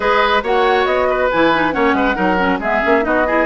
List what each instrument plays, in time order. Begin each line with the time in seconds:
0.00 bassoon G#3, clarinet G#4, oboe B4, flute D#5
0.42 bassoon A#3, clarinet F#4, oboe C#5, flute F#5
0.85 bassoon B3, flute D#5
1.09 oboe B4
1.31 bassoon E3, clarinet E4, flute G#5
1.53 clarinet D#4
1.72 bassoon A#3, clarinet C#4, oboe C#5, flute F#5
1.93 bassoon G#3, oboe B4
2.14 bassoon F#3, clarinet D#4, oboe A#4
2.38 clarinet C#4
2.59 bassoon G#3, clarinet B3, oboe G#4, flute E5
2.81 bassoon A#3, clarinet C#4
3.01 bassoon B3, clarinet D#4, oboe F#4, flute D#5
3.26 clarinet E4, oboe G#4